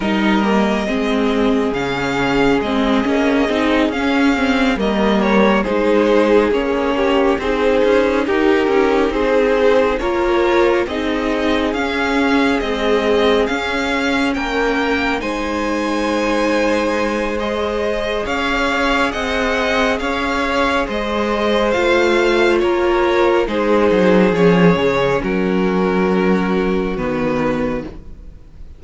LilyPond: <<
  \new Staff \with { instrumentName = "violin" } { \time 4/4 \tempo 4 = 69 dis''2 f''4 dis''4~ | dis''8 f''4 dis''8 cis''8 c''4 cis''8~ | cis''8 c''4 ais'4 c''4 cis''8~ | cis''8 dis''4 f''4 dis''4 f''8~ |
f''8 g''4 gis''2~ gis''8 | dis''4 f''4 fis''4 f''4 | dis''4 f''4 cis''4 c''4 | cis''4 ais'2 b'4 | }
  \new Staff \with { instrumentName = "violin" } { \time 4/4 ais'4 gis'2.~ | gis'4. ais'4 gis'4. | g'8 gis'4 g'4 gis'4 ais'8~ | ais'8 gis'2.~ gis'8~ |
gis'8 ais'4 c''2~ c''8~ | c''4 cis''4 dis''4 cis''4 | c''2 ais'4 gis'4~ | gis'4 fis'2. | }
  \new Staff \with { instrumentName = "viola" } { \time 4/4 dis'8 ais8 c'4 cis'4 c'8 cis'8 | dis'8 cis'8 c'8 ais4 dis'4 cis'8~ | cis'8 dis'2. f'8~ | f'8 dis'4 cis'4 gis4 cis'8~ |
cis'4. dis'2~ dis'8 | gis'1~ | gis'4 f'2 dis'4 | cis'2. b4 | }
  \new Staff \with { instrumentName = "cello" } { \time 4/4 g4 gis4 cis4 gis8 ais8 | c'8 cis'4 g4 gis4 ais8~ | ais8 c'8 cis'8 dis'8 cis'8 c'4 ais8~ | ais8 c'4 cis'4 c'4 cis'8~ |
cis'8 ais4 gis2~ gis8~ | gis4 cis'4 c'4 cis'4 | gis4 a4 ais4 gis8 fis8 | f8 cis8 fis2 dis4 | }
>>